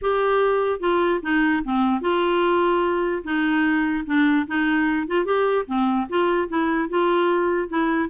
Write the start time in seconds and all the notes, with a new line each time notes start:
0.01 G4
0.79 F4
1.22 D#4
1.64 C4
2.01 F4
3.23 D#4
4.05 D4
4.47 D#4
5.07 F4
5.25 G4
5.66 C4
6.09 F4
6.48 E4
6.89 F4
7.68 E4